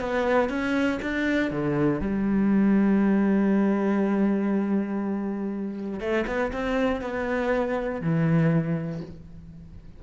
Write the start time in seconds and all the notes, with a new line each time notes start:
0.00 B3
0.49 C#4
1.02 D4
1.51 D3
2.00 G3
6.00 A3
6.27 B3
6.52 C4
7.01 B3
8.01 E3